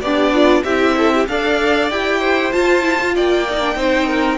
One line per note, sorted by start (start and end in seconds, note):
0.00 0.63 B3
0.00 0.64 D4
0.00 0.32 G4
0.00 0.62 D5
0.32 0.64 F4
0.63 1.26 C4
0.63 1.28 E4
0.63 0.95 G4
0.63 1.25 E5
0.97 1.13 A4
1.13 1.29 G4
1.27 1.90 D4
1.27 1.90 A4
1.27 2.19 D5
1.27 1.90 F5
1.90 2.53 E4
1.90 2.52 G4
1.90 2.52 G5
2.19 3.13 C5
2.52 2.81 F4
2.52 3.16 F4
2.52 3.14 A5
2.81 2.97 E4
2.99 3.46 F4
3.15 3.75 A#3
3.15 3.77 D5
3.15 4.38 G5
3.49 3.60 D#4
3.60 3.75 D4
3.75 4.38 C4
3.75 4.38 D#4
3.75 4.06 C5
4.06 4.38 A#4